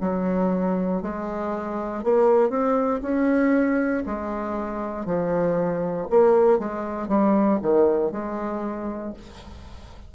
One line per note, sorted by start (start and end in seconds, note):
0.00 1.02 F#3
1.02 2.03 G#3
2.03 2.50 A#3
2.50 3.00 C4
3.02 4.04 C#4
4.06 5.05 G#3
5.05 6.07 F3
6.10 6.59 A#3
6.59 7.08 G#3
7.08 7.59 G3
7.62 8.12 D#3
8.12 9.13 G#3